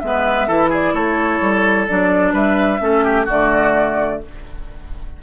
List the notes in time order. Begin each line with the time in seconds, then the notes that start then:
0.00 G#3 B3 E5
0.07 B4
0.48 E3 E4 A4
0.70 G#4 D5
0.93 A3 A4 C#5
1.41 G3
1.88 F#3 D4 D5
2.33 G3 B4 E5
2.80 A3 C#4 A4
3.04 G4
3.26 D3 A3 F#4 D5